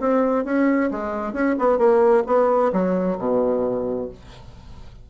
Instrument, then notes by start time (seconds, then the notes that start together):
bassoon
0.00 C4
0.45 C#4
0.92 G#3
1.33 C#4
1.59 B3
1.78 A#3
2.27 B3
2.73 F#3
3.19 B2